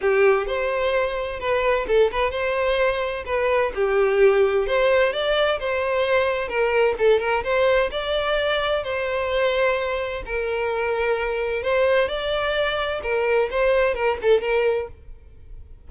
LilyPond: \new Staff \with { instrumentName = "violin" } { \time 4/4 \tempo 4 = 129 g'4 c''2 b'4 | a'8 b'8 c''2 b'4 | g'2 c''4 d''4 | c''2 ais'4 a'8 ais'8 |
c''4 d''2 c''4~ | c''2 ais'2~ | ais'4 c''4 d''2 | ais'4 c''4 ais'8 a'8 ais'4 | }